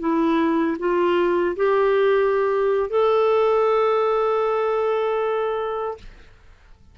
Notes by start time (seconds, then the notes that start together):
0.00 E4
0.79 F4
1.56 G4
2.90 A4